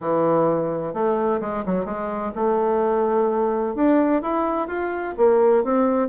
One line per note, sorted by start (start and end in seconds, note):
0.00 0.93 E3
0.93 1.40 A3
1.40 1.64 G#3
1.65 1.85 F#3
1.85 2.32 G#3
2.35 3.75 A3
3.75 4.21 D4
4.22 4.67 E4
4.67 5.14 F4
5.17 5.64 A#3
5.64 6.08 C4